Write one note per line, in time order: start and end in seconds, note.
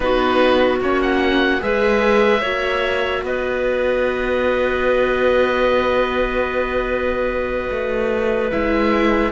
0.00 0.80 B3
0.00 0.79 D#4
0.00 1.62 F#4
0.00 0.78 B4
0.80 1.61 A#3
0.80 1.59 C#4
0.80 1.01 C#5
1.01 1.62 F#5
1.59 2.42 G#3
1.59 2.40 G#4
1.59 2.40 B4
1.59 3.24 E5
2.40 3.23 A#3
2.40 8.50 F#4
2.40 3.21 C#5
3.23 7.69 B3
3.23 9.32 B4
3.23 8.51 D#5
7.70 8.51 A3
8.50 9.32 G#3
8.50 9.31 E4
8.50 9.32 E5